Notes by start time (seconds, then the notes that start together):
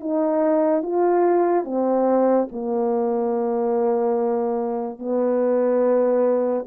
0.00 D#4
0.83 F4
1.64 C4
2.52 A#3
4.99 B3